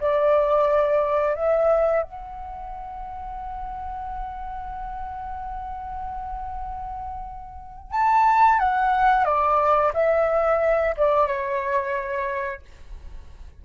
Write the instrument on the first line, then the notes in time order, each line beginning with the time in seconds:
flute
0.00 D5
1.35 E5
2.03 F#5
7.92 A5
8.59 F#5
9.25 D5
9.93 E5
10.97 D5
11.27 C#5